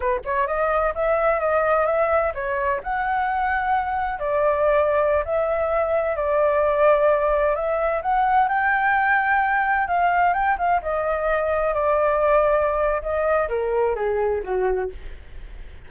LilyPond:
\new Staff \with { instrumentName = "flute" } { \time 4/4 \tempo 4 = 129 b'8 cis''8 dis''4 e''4 dis''4 | e''4 cis''4 fis''2~ | fis''4 d''2~ d''16 e''8.~ | e''4~ e''16 d''2~ d''8.~ |
d''16 e''4 fis''4 g''4.~ g''16~ | g''4~ g''16 f''4 g''8 f''8 dis''8.~ | dis''4~ dis''16 d''2~ d''8. | dis''4 ais'4 gis'4 fis'4 | }